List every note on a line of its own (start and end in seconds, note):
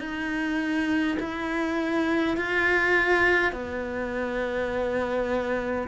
0.00 1.18 D#4
1.20 2.37 E4
2.37 3.52 F4
3.52 5.88 B3